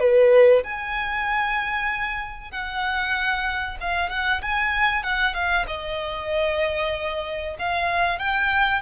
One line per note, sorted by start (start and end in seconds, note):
0.00 0.63 B4
0.64 2.51 G#5
2.51 3.78 F#5
3.80 4.10 F5
4.10 4.41 F#5
4.42 5.03 G#5
5.03 5.34 F#5
5.34 5.66 F5
5.67 7.57 D#5
7.59 8.19 F5
8.19 8.82 G5